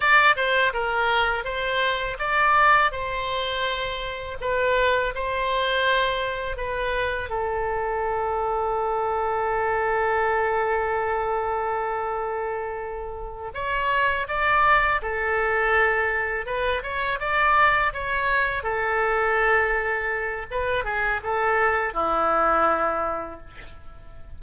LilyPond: \new Staff \with { instrumentName = "oboe" } { \time 4/4 \tempo 4 = 82 d''8 c''8 ais'4 c''4 d''4 | c''2 b'4 c''4~ | c''4 b'4 a'2~ | a'1~ |
a'2~ a'8 cis''4 d''8~ | d''8 a'2 b'8 cis''8 d''8~ | d''8 cis''4 a'2~ a'8 | b'8 gis'8 a'4 e'2 | }